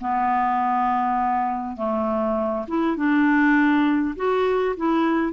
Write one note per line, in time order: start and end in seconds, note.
0.00 1.76 B3
1.76 2.65 A3
2.67 2.96 E4
2.96 4.15 D4
4.16 4.75 F#4
4.76 5.32 E4